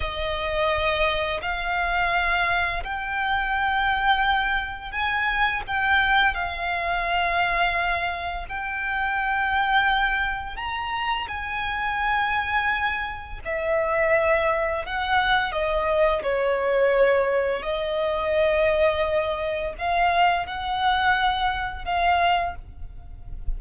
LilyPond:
\new Staff \with { instrumentName = "violin" } { \time 4/4 \tempo 4 = 85 dis''2 f''2 | g''2. gis''4 | g''4 f''2. | g''2. ais''4 |
gis''2. e''4~ | e''4 fis''4 dis''4 cis''4~ | cis''4 dis''2. | f''4 fis''2 f''4 | }